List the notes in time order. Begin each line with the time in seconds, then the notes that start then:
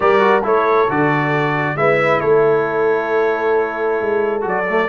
0.00 G3 G4 A#4 D5
0.19 F#4
0.43 A3 E4 A4 C#5
0.89 D3 F#4 D5
1.75 G#3 E4 B4 E5
2.20 A3 A4 C#5
4.01 G#3
4.41 F#3 F#4
4.48 D5
4.69 A3